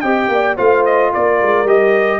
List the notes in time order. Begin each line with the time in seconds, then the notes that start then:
0.00 C4 G4 D#5 G5
0.28 A#3 D5
0.57 A3 F4 C5 F5
0.85 D#5
1.13 A#3 A#4 D5
1.42 G#3
1.64 G3 G4 D#5